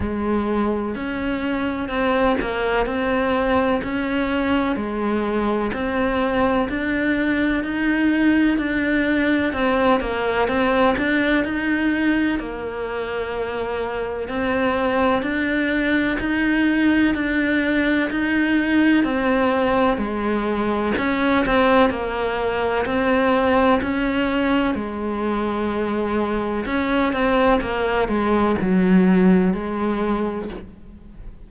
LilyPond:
\new Staff \with { instrumentName = "cello" } { \time 4/4 \tempo 4 = 63 gis4 cis'4 c'8 ais8 c'4 | cis'4 gis4 c'4 d'4 | dis'4 d'4 c'8 ais8 c'8 d'8 | dis'4 ais2 c'4 |
d'4 dis'4 d'4 dis'4 | c'4 gis4 cis'8 c'8 ais4 | c'4 cis'4 gis2 | cis'8 c'8 ais8 gis8 fis4 gis4 | }